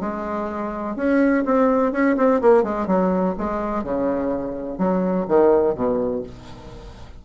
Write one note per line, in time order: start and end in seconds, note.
0.00 0.96 G#3
0.96 1.44 C#4
1.45 1.92 C4
1.92 2.16 C#4
2.16 2.40 C4
2.41 2.63 A#3
2.63 2.86 G#3
2.86 3.34 F#3
3.37 3.83 G#3
3.83 4.78 C#3
4.78 5.26 F#3
5.28 5.74 D#3
5.74 6.22 B2